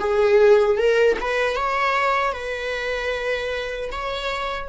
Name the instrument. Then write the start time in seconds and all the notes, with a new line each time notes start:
viola
0.00 G#4
0.78 A#4
1.21 B4
1.56 C#5
2.33 B4
3.92 C#5